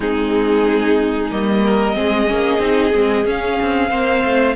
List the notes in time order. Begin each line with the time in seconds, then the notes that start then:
0.00 G#3 C4 D#4 G#4
1.31 G3 A#3 D#5
1.64 A#4
1.94 G#3 C4 G#4
2.27 A#3 C#4
2.58 C4 D#4
2.94 G#3 C4
3.24 C#4 F5
3.61 C4
3.88 A#3 C4 C5
4.24 A3